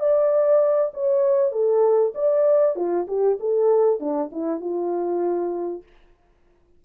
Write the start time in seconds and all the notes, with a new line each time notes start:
0.00 D5
0.94 C#5
1.52 A4
2.15 D5
2.76 F4
3.08 G4
3.40 A4
4.00 D4
4.32 E4
4.61 F4